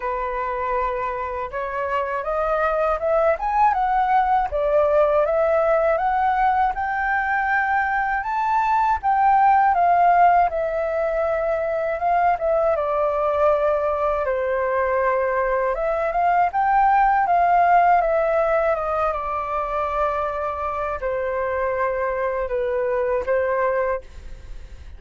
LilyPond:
\new Staff \with { instrumentName = "flute" } { \time 4/4 \tempo 4 = 80 b'2 cis''4 dis''4 | e''8 gis''8 fis''4 d''4 e''4 | fis''4 g''2 a''4 | g''4 f''4 e''2 |
f''8 e''8 d''2 c''4~ | c''4 e''8 f''8 g''4 f''4 | e''4 dis''8 d''2~ d''8 | c''2 b'4 c''4 | }